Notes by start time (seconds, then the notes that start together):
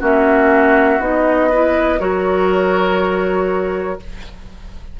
0.00 A#3 C#4 F#4 E5
0.99 B3 D#4 D#5
1.50 E4 B4
1.99 F#3 F#4 A#4 C#5